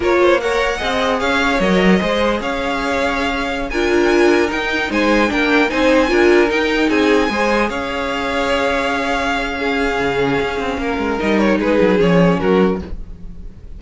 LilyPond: <<
  \new Staff \with { instrumentName = "violin" } { \time 4/4 \tempo 4 = 150 cis''4 fis''2 f''4 | dis''2 f''2~ | f''4~ f''16 gis''2 g''8.~ | g''16 gis''4 g''4 gis''4.~ gis''16~ |
gis''16 g''4 gis''2 f''8.~ | f''1~ | f''1 | dis''8 cis''8 b'4 cis''4 ais'4 | }
  \new Staff \with { instrumentName = "violin" } { \time 4/4 ais'8 c''8 cis''4 dis''4 cis''4~ | cis''4 c''4 cis''2~ | cis''4~ cis''16 ais'2~ ais'8.~ | ais'16 c''4 ais'4 c''4 ais'8.~ |
ais'4~ ais'16 gis'4 c''4 cis''8.~ | cis''1 | gis'2. ais'4~ | ais'4 gis'2 fis'4 | }
  \new Staff \with { instrumentName = "viola" } { \time 4/4 f'4 ais'4 gis'2 | ais'4 gis'2.~ | gis'4~ gis'16 f'2 dis'8.~ | dis'4~ dis'16 d'4 dis'4 f'8.~ |
f'16 dis'2 gis'4.~ gis'16~ | gis'1 | cis'1 | dis'2 cis'2 | }
  \new Staff \with { instrumentName = "cello" } { \time 4/4 ais2 c'4 cis'4 | fis4 gis4 cis'2~ | cis'4~ cis'16 d'2 dis'8.~ | dis'16 gis4 ais4 c'4 d'8.~ |
d'16 dis'4 c'4 gis4 cis'8.~ | cis'1~ | cis'4 cis4 cis'8 c'8 ais8 gis8 | g4 gis8 fis8 f4 fis4 | }
>>